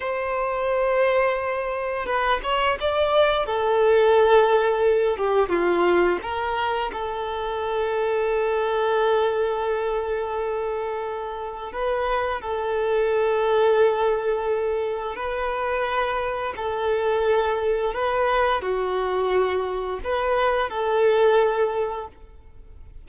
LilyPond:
\new Staff \with { instrumentName = "violin" } { \time 4/4 \tempo 4 = 87 c''2. b'8 cis''8 | d''4 a'2~ a'8 g'8 | f'4 ais'4 a'2~ | a'1~ |
a'4 b'4 a'2~ | a'2 b'2 | a'2 b'4 fis'4~ | fis'4 b'4 a'2 | }